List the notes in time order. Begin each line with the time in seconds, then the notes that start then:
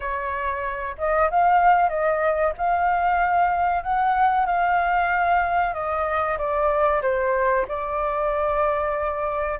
0.00 C#5
0.97 D#5
1.30 F5
1.89 D#5
2.57 F5
3.83 F#5
4.45 F5
5.73 D#5
6.37 D5
7.02 C5
7.68 D5